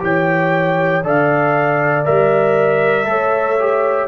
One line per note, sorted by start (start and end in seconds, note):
0.00 1.04 E3
0.00 1.02 G4
0.00 1.05 C#5
0.00 1.06 G5
1.04 2.06 D3
1.04 2.06 A4
1.04 3.08 D5
1.04 2.06 F5
2.06 3.06 G3
2.06 3.05 A#4
2.06 4.08 E5
3.05 4.07 A3
3.05 3.56 A4
3.05 4.08 C#5
3.60 4.08 G4